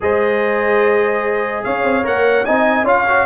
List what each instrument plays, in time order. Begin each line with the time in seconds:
0.01 tuba G#3, trombone G#4, horn C5, trumpet D#5
1.63 tuba C#4, horn C#5, trumpet F5
1.83 tuba C4
2.03 tuba A#3, trombone A#4, trumpet F#5
2.45 tuba C4, trombone D#4, horn D#5, trumpet G#5
2.83 tuba C#4, trombone F4, horn C#5, trumpet F5
3.07 trombone F#4